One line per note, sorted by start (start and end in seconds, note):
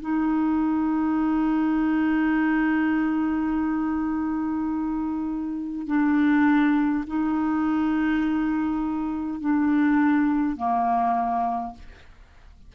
0.00 5.87 D#4
5.87 7.04 D4
7.06 9.40 D#4
9.40 10.56 D4
10.56 11.74 A#3